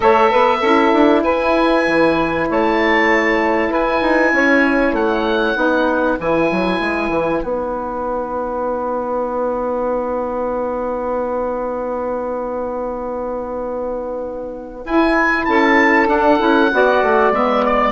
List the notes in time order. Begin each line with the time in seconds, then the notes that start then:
0.00 A3 A4 C#5 E5
0.30 B3 B4
0.59 C#4 E4 A4
0.93 D4
1.23 E4 B4 G#5
1.87 E3
2.49 A3 C#5 A5
3.69 E4 B4 G#5
4.01 D#4
4.32 C#4 C#5
4.92 A3 F#5
5.55 B3 D#4 B4
6.19 E3 E4 G#5
6.51 F#3
6.80 G#3
7.09 E3
7.43 B3 D#4 F#5
14.84 E4 G#5
15.45 C#4 A4 A5
16.06 D4 F#5
16.38 C#4 E4
16.71 B3 F#4 D5
17.02 A3
17.31 G#3 B3 E5
17.65 D5